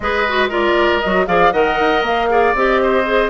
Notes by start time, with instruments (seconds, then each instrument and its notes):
0.00 bassoon G#3, clarinet G#4, oboe B4, flute D#5
0.28 clarinet F#4
0.49 clarinet F4, oboe A#4, flute D5
1.01 bassoon F#3, clarinet F#4, flute D#5
1.26 bassoon F3, clarinet G#4, oboe D5, flute F5
1.52 bassoon D#3, clarinet A#4, oboe D#5, flute F#5
1.79 bassoon D#4
2.02 bassoon A#3, flute F5
2.28 clarinet G#4, oboe D5
2.54 bassoon C4, clarinet G4, flute D#5
2.81 oboe C5
3.04 clarinet G#4